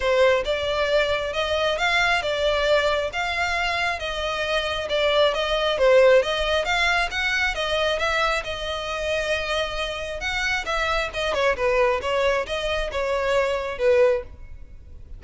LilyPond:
\new Staff \with { instrumentName = "violin" } { \time 4/4 \tempo 4 = 135 c''4 d''2 dis''4 | f''4 d''2 f''4~ | f''4 dis''2 d''4 | dis''4 c''4 dis''4 f''4 |
fis''4 dis''4 e''4 dis''4~ | dis''2. fis''4 | e''4 dis''8 cis''8 b'4 cis''4 | dis''4 cis''2 b'4 | }